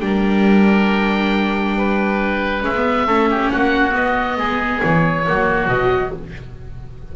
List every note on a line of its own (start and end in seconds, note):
0.00 2.63 G3
0.00 2.61 D4
0.00 1.77 A#4
0.00 2.63 G5
1.77 3.07 B4
2.61 3.07 G#3
2.61 2.72 C#4
2.61 3.51 E5
2.76 3.08 B3
3.07 3.51 A3
3.07 3.91 C#4
3.07 3.29 A4
3.31 3.52 G4
3.51 3.94 A#3
3.51 4.38 F#4
3.51 3.94 F#5
3.91 5.22 B3
3.91 4.37 B3
3.91 4.82 D#5
4.37 4.81 G#3
4.37 5.26 G#4
4.82 5.27 E3
4.82 5.68 C#5
5.27 5.68 F#3
5.27 5.69 A#3
5.27 6.16 F#4
5.68 6.11 B2
5.68 6.13 F#3
5.68 6.12 D#5